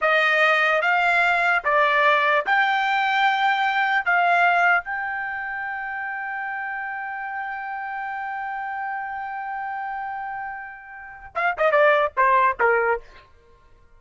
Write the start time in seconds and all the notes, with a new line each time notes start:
0.01 D#5
0.81 F5
1.64 D5
2.45 G5
4.05 F5
4.84 G5
11.35 F5
11.57 D#5
11.71 D5
12.16 C5
12.60 A#4